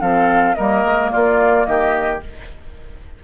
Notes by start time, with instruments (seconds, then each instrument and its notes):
0.00 bassoon F3, clarinet C4, oboe A4, flute F5
0.54 bassoon G3, clarinet A#3, oboe A#4, flute D#5
0.84 bassoon G#3
1.11 bassoon A#3, oboe F4, flute D5
1.65 bassoon D#3, oboe G4, flute D#5